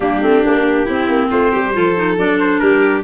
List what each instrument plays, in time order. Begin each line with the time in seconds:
0.00 tuba G3, clarinet A#3, violin D4, trumpet G4
0.21 tuba A3, clarinet C4
0.43 tuba A#3, clarinet D4
0.84 tuba C4, clarinet C4, violin E4
1.08 tuba A#3
1.30 tuba A3, violin F4, trumpet C5
1.51 tuba G3, violin G4
1.73 tuba F3, clarinet F4, violin A4
1.95 clarinet D#4
2.17 tuba F#3, clarinet D4, trumpet D5
2.39 trumpet C5
2.59 tuba G3, violin G4, trumpet A#4